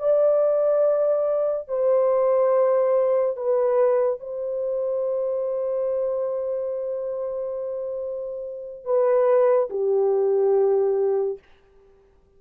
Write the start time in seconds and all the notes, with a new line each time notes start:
0.00 D5
1.69 C5
3.37 B4
4.20 C5
8.85 B4
9.70 G4